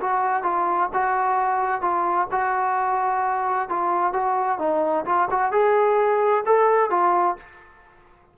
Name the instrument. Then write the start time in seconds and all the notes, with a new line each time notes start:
trombone
0.00 F#4
0.43 F4
0.93 F#4
1.81 F4
2.31 F#4
3.69 F4
4.13 F#4
4.59 D#4
5.05 F4
5.31 F#4
5.52 G#4
6.46 A4
6.90 F4